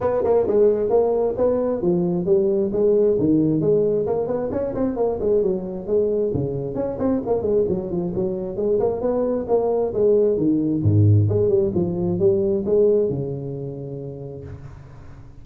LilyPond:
\new Staff \with { instrumentName = "tuba" } { \time 4/4 \tempo 4 = 133 b8 ais8 gis4 ais4 b4 | f4 g4 gis4 dis4 | gis4 ais8 b8 cis'8 c'8 ais8 gis8 | fis4 gis4 cis4 cis'8 c'8 |
ais8 gis8 fis8 f8 fis4 gis8 ais8 | b4 ais4 gis4 dis4 | gis,4 gis8 g8 f4 g4 | gis4 cis2. | }